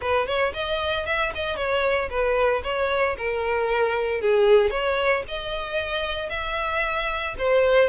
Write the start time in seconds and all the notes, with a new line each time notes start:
0.01 B4
0.26 C#5
0.53 D#5
1.06 E5
1.34 D#5
1.56 C#5
2.09 B4
2.63 C#5
3.17 A#4
4.21 G#4
4.70 C#5
5.28 D#5
6.29 E5
7.38 C5